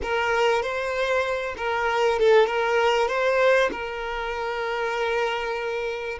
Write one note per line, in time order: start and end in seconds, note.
0.02 0.62 A#4
0.62 1.55 C5
1.57 2.19 A#4
2.19 2.46 A4
2.46 3.08 A#4
3.08 3.70 C5
3.71 6.19 A#4